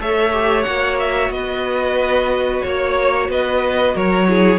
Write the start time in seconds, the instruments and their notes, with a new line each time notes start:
0.00 cello A3, viola A4, violin C#5 E5
0.32 viola G4
0.62 cello A#3, viola F#4, violin F#5
0.99 violin E5
1.30 cello B3, violin B4 D#5
2.61 cello A#3, violin C#5
2.68 violin C#5
3.29 cello B3, violin B4 D#5
3.95 cello F#3, violin A#4 C#5
4.27 viola E4, violin G#4